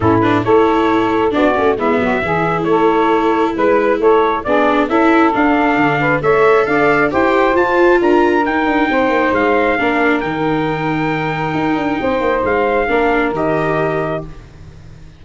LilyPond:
<<
  \new Staff \with { instrumentName = "trumpet" } { \time 4/4 \tempo 4 = 135 a'8 b'8 cis''2 d''4 | e''2 cis''2 | b'4 cis''4 d''4 e''4 | f''2 e''4 f''4 |
g''4 a''4 ais''4 g''4~ | g''4 f''2 g''4~ | g''1 | f''2 dis''2 | }
  \new Staff \with { instrumentName = "saxophone" } { \time 4/4 e'4 a'2 fis'4 | e'8 fis'8 gis'4 a'2 | b'4 a'4 gis'4 a'4~ | a'4. b'8 cis''4 d''4 |
c''2 ais'2 | c''2 ais'2~ | ais'2. c''4~ | c''4 ais'2. | }
  \new Staff \with { instrumentName = "viola" } { \time 4/4 cis'8 d'8 e'2 d'8 cis'8 | b4 e'2.~ | e'2 d'4 e'4 | d'2 a'2 |
g'4 f'2 dis'4~ | dis'2 d'4 dis'4~ | dis'1~ | dis'4 d'4 g'2 | }
  \new Staff \with { instrumentName = "tuba" } { \time 4/4 a,4 a2 b8 a8 | gis8 fis8 e4 a2 | gis4 a4 b4 cis'4 | d'4 d4 a4 d'4 |
e'4 f'4 d'4 dis'8 d'8 | c'8 ais8 gis4 ais4 dis4~ | dis2 dis'8 d'8 c'8 ais8 | gis4 ais4 dis2 | }
>>